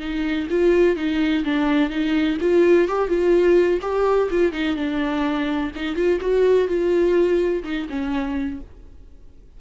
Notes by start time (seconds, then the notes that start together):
0.00 D#4
0.50 F4
0.96 D#4
1.44 D4
1.90 D#4
2.41 F4
2.88 G4
3.08 F4
3.81 G4
4.31 F4
4.52 D#4
4.76 D4
5.76 D#4
5.95 F4
6.21 F#4
6.68 F4
7.64 D#4
7.89 C#4